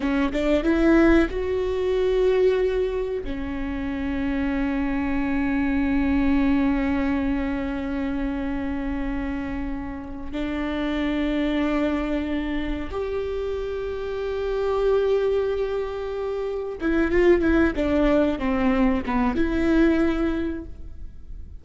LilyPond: \new Staff \with { instrumentName = "viola" } { \time 4/4 \tempo 4 = 93 cis'8 d'8 e'4 fis'2~ | fis'4 cis'2.~ | cis'1~ | cis'1 |
d'1 | g'1~ | g'2 e'8 f'8 e'8 d'8~ | d'8 c'4 b8 e'2 | }